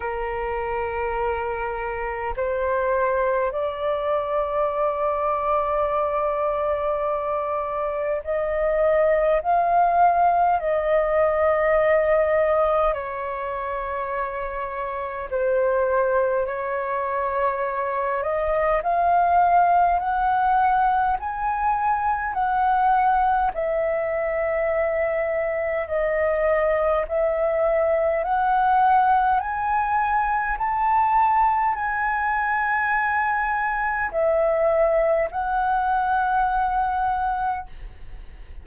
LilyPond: \new Staff \with { instrumentName = "flute" } { \time 4/4 \tempo 4 = 51 ais'2 c''4 d''4~ | d''2. dis''4 | f''4 dis''2 cis''4~ | cis''4 c''4 cis''4. dis''8 |
f''4 fis''4 gis''4 fis''4 | e''2 dis''4 e''4 | fis''4 gis''4 a''4 gis''4~ | gis''4 e''4 fis''2 | }